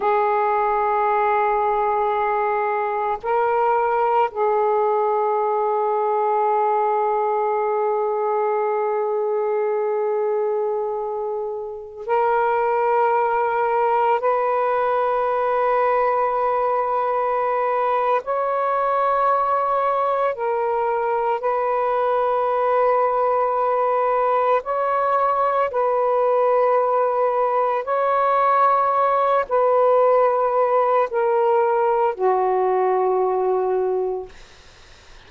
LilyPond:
\new Staff \with { instrumentName = "saxophone" } { \time 4/4 \tempo 4 = 56 gis'2. ais'4 | gis'1~ | gis'2.~ gis'16 ais'8.~ | ais'4~ ais'16 b'2~ b'8.~ |
b'4 cis''2 ais'4 | b'2. cis''4 | b'2 cis''4. b'8~ | b'4 ais'4 fis'2 | }